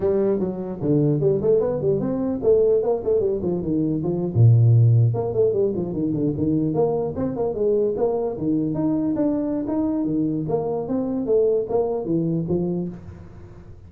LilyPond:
\new Staff \with { instrumentName = "tuba" } { \time 4/4 \tempo 4 = 149 g4 fis4 d4 g8 a8 | b8 g8 c'4 a4 ais8 a8 | g8 f8 dis4 f8. ais,4~ ais,16~ | ais,8. ais8 a8 g8 f8 dis8 d8 dis16~ |
dis8. ais4 c'8 ais8 gis4 ais16~ | ais8. dis4 dis'4 d'4~ d'16 | dis'4 dis4 ais4 c'4 | a4 ais4 e4 f4 | }